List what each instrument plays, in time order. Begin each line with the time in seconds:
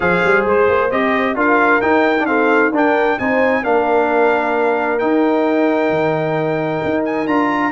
0.00 tuba F3, trombone G#4, horn C5, trumpet F5
0.24 tuba G3
0.45 tuba G#3, trumpet C5
0.68 tuba A#3
0.91 tuba C4, trombone G4, trumpet D#5
1.35 tuba D4, trombone F4, horn A#4, trumpet F5
1.81 tuba D#4, trombone D#4, trumpet G5
2.20 trombone D4
2.26 trombone C4, horn A4, trumpet F5
2.71 tuba D4, trombone D4, horn A#4, trumpet G5
3.19 tuba C4, trombone D#4, horn C5, trumpet G#5
3.63 tuba A#3, trombone D4, horn A#4, trumpet F5
4.98 trombone D#4, tuba D#4, trumpet G5
5.89 tuba D#3
6.83 tuba D#4
7.04 trumpet G#5
7.26 tuba D4, trombone F4, trumpet A#5